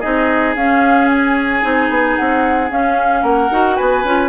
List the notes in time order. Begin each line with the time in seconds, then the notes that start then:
0.00 C4 D#4 G#4 D#5
0.56 C#4 F5
1.11 G#5
1.62 C4 D#4
1.90 B3
2.16 C4 F#5
2.70 C#4 F5
3.23 A#3 A#4 F#5
3.51 D#4 F#4
3.76 B3 B4 G#5
4.04 C#4 F4